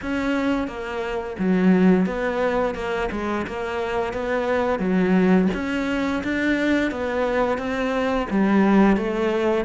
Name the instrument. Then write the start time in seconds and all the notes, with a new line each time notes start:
cello
0.02 C#4
0.67 A#3
1.38 F#3
2.06 B3
2.74 A#3
3.11 G#3
3.47 A#3
4.13 B3
4.79 F#3
5.53 C#4
6.23 D4
6.91 B3
7.58 C4
8.29 G3
8.97 A3